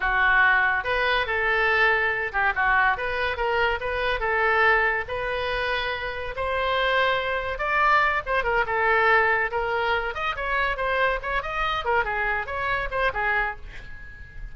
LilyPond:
\new Staff \with { instrumentName = "oboe" } { \time 4/4 \tempo 4 = 142 fis'2 b'4 a'4~ | a'4. g'8 fis'4 b'4 | ais'4 b'4 a'2 | b'2. c''4~ |
c''2 d''4. c''8 | ais'8 a'2 ais'4. | dis''8 cis''4 c''4 cis''8 dis''4 | ais'8 gis'4 cis''4 c''8 gis'4 | }